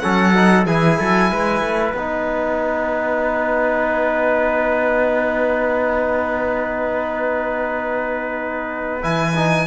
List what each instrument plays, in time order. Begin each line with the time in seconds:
0.00 cello F#3, trombone C#4, trumpet A4, violin F#5
0.35 trombone D#4
0.66 cello E3, trombone E4, trumpet G#4, violin G#5
0.99 cello F#3, trumpet A4
1.31 cello G#3, trumpet B4
1.62 cello A3
1.95 cello B3, trombone D#4, violin F#5
9.02 cello E3, trombone E4, violin G#5
9.37 trombone D#4